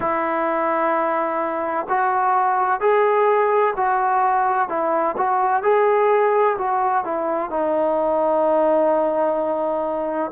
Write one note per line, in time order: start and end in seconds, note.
0.00 1.86 E4
1.88 2.80 F#4
2.80 3.74 G#4
3.76 4.68 F#4
4.68 5.15 E4
5.16 5.62 F#4
5.62 6.56 G#4
6.58 7.04 F#4
7.04 7.50 E4
7.50 10.31 D#4